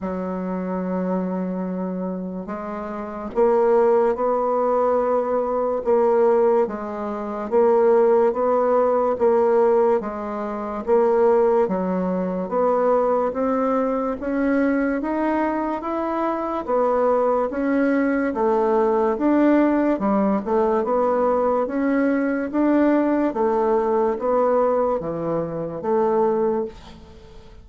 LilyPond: \new Staff \with { instrumentName = "bassoon" } { \time 4/4 \tempo 4 = 72 fis2. gis4 | ais4 b2 ais4 | gis4 ais4 b4 ais4 | gis4 ais4 fis4 b4 |
c'4 cis'4 dis'4 e'4 | b4 cis'4 a4 d'4 | g8 a8 b4 cis'4 d'4 | a4 b4 e4 a4 | }